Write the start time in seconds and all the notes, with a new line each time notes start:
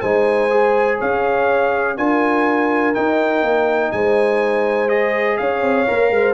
0.00 G#3 D#4 C5 G#5
0.50 G#4
0.97 C#4 C#5 F5
1.96 D4 F4 A#4 G#5
2.94 D#4 G5
3.42 A#3
3.91 G#3 C5 G#5
4.88 G#4 D#5
5.37 C#4 C#5 F5
5.61 C4
5.86 A#3 A#4
6.10 G#3 C5